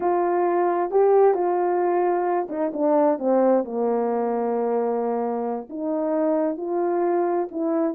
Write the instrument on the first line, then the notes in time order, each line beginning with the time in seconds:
horn
0.00 F4
0.90 G4
1.34 F4
2.49 D#4
2.73 D4
3.18 C4
3.64 A#3
5.69 D#4
6.57 F4
7.51 E4